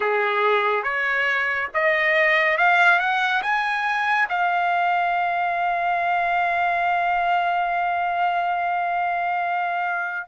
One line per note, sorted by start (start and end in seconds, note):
0.00 0.83 G#4
0.83 1.69 C#5
1.74 2.57 D#5
2.57 2.99 F5
2.99 3.42 F#5
3.42 4.28 G#5
4.29 10.27 F5